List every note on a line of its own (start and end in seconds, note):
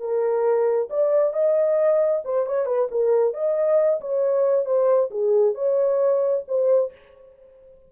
0.00 0.89 A#4
0.90 1.34 D5
1.34 2.23 D#5
2.25 2.47 C5
2.47 2.66 C#5
2.66 2.88 B4
2.92 3.34 A#4
3.34 4.01 D#5
4.01 4.66 C#5
4.66 5.11 C5
5.11 5.55 G#4
5.55 6.44 C#5
6.48 6.93 C5